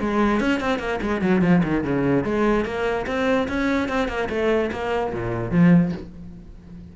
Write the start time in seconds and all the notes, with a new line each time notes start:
0.00 G#3
0.40 C#4
0.60 C4
0.79 A#3
1.01 G#3
1.21 F#3
1.41 F3
1.63 D#3
1.84 C#3
2.24 G#3
2.65 A#3
3.06 C4
3.48 C#4
3.88 C4
4.08 A#3
4.29 A3
4.71 A#3
5.13 A#2
5.51 F3